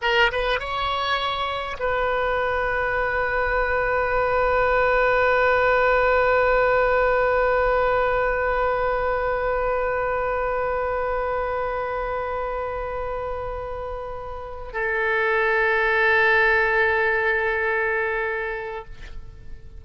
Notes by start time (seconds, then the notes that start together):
0.01 A#4
0.31 B4
0.59 C#5
1.79 B4
14.72 A4